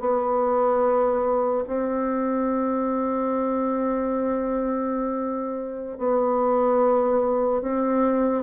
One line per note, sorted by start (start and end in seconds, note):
0.00 1.64 B3
1.67 5.98 C4
5.98 7.62 B3
7.62 8.43 C4